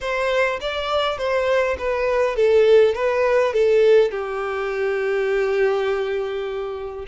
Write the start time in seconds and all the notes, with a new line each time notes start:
0.00 C5
0.60 D5
1.17 C5
1.78 B4
2.36 A4
2.94 B4
3.53 A4
4.11 G4